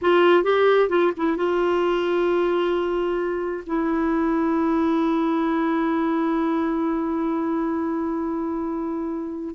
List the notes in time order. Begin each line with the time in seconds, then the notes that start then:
0.01 F4
0.43 G4
0.89 F4
1.16 E4
1.36 F4
3.66 E4